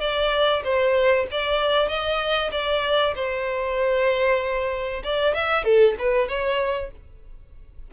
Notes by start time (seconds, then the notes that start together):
0.00 D5
0.64 C5
1.31 D5
1.88 D#5
2.51 D5
3.15 C5
5.03 D5
5.34 E5
5.64 A4
5.99 B4
6.28 C#5